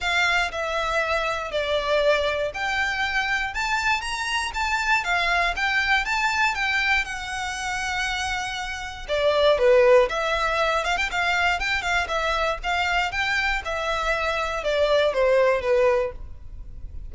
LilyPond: \new Staff \with { instrumentName = "violin" } { \time 4/4 \tempo 4 = 119 f''4 e''2 d''4~ | d''4 g''2 a''4 | ais''4 a''4 f''4 g''4 | a''4 g''4 fis''2~ |
fis''2 d''4 b'4 | e''4. f''16 g''16 f''4 g''8 f''8 | e''4 f''4 g''4 e''4~ | e''4 d''4 c''4 b'4 | }